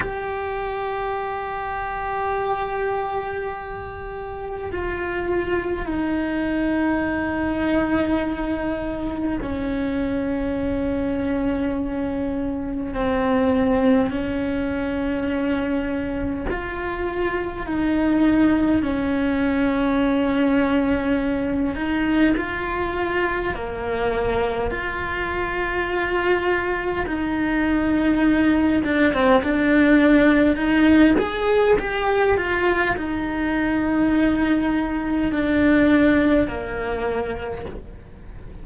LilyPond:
\new Staff \with { instrumentName = "cello" } { \time 4/4 \tempo 4 = 51 g'1 | f'4 dis'2. | cis'2. c'4 | cis'2 f'4 dis'4 |
cis'2~ cis'8 dis'8 f'4 | ais4 f'2 dis'4~ | dis'8 d'16 c'16 d'4 dis'8 gis'8 g'8 f'8 | dis'2 d'4 ais4 | }